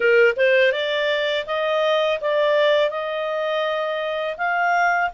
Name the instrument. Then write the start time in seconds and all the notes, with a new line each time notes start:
clarinet
0.00 A#4
0.36 C5
0.72 D5
1.46 D#5
2.21 D5
2.90 D#5
4.37 F5